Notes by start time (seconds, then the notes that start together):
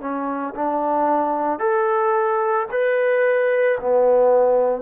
0.00 C#4
0.55 D4
1.59 A4
2.71 B4
3.80 B3